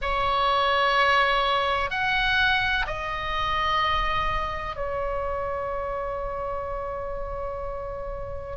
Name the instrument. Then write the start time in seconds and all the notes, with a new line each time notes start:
oboe
0.01 C#5
1.90 F#5
2.86 D#5
4.76 C#5